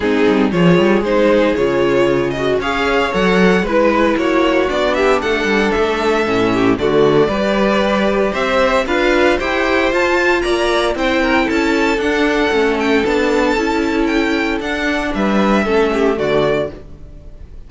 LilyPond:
<<
  \new Staff \with { instrumentName = "violin" } { \time 4/4 \tempo 4 = 115 gis'4 cis''4 c''4 cis''4~ | cis''8 dis''8 f''4 fis''4 b'4 | cis''4 d''8 e''8 fis''4 e''4~ | e''4 d''2. |
e''4 f''4 g''4 a''4 | ais''4 g''4 a''4 fis''4~ | fis''8 g''8 a''2 g''4 | fis''4 e''2 d''4 | }
  \new Staff \with { instrumentName = "violin" } { \time 4/4 dis'4 gis'2.~ | gis'4 cis''2 b'4 | fis'4. g'8 a'2~ | a'8 g'8 fis'4 b'2 |
c''4 b'4 c''2 | d''4 c''8 ais'8 a'2~ | a'1~ | a'4 b'4 a'8 g'8 fis'4 | }
  \new Staff \with { instrumentName = "viola" } { \time 4/4 c'4 f'4 dis'4 f'4~ | f'8 fis'8 gis'4 a'4 e'4~ | e'4 d'2. | cis'4 a4 g'2~ |
g'4 f'4 g'4 f'4~ | f'4 e'2 d'4 | cis'4 d'4 e'2 | d'2 cis'4 a4 | }
  \new Staff \with { instrumentName = "cello" } { \time 4/4 gis8 g8 f8 g8 gis4 cis4~ | cis4 cis'4 fis4 gis4 | ais4 b4 a8 g8 a4 | a,4 d4 g2 |
c'4 d'4 e'4 f'4 | ais4 c'4 cis'4 d'4 | a4 b4 cis'2 | d'4 g4 a4 d4 | }
>>